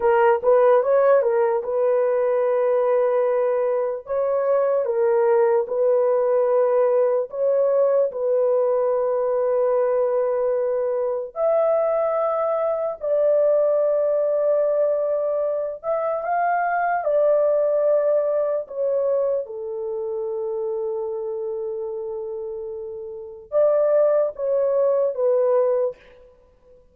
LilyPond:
\new Staff \with { instrumentName = "horn" } { \time 4/4 \tempo 4 = 74 ais'8 b'8 cis''8 ais'8 b'2~ | b'4 cis''4 ais'4 b'4~ | b'4 cis''4 b'2~ | b'2 e''2 |
d''2.~ d''8 e''8 | f''4 d''2 cis''4 | a'1~ | a'4 d''4 cis''4 b'4 | }